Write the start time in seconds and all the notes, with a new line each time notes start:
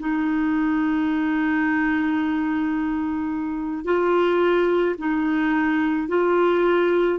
0.00 D#4
3.85 F4
4.98 D#4
6.09 F4